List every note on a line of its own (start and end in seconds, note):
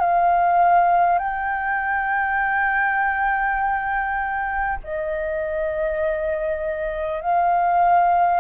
0.00 1.19 F5
1.19 4.79 G5
4.84 7.22 D#5
7.22 8.41 F5